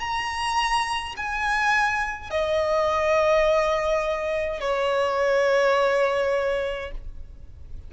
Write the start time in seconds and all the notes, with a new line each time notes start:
0.00 A#5
1.17 G#5
2.30 D#5
4.60 C#5